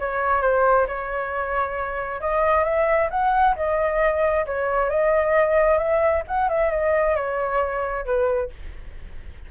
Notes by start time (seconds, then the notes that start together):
0.00 C#5
0.42 C5
0.88 C#5
2.21 D#5
2.65 E5
3.11 F#5
3.57 D#5
4.47 C#5
4.90 D#5
5.79 E5
6.28 F#5
6.49 E5
6.71 D#5
7.16 C#5
8.06 B4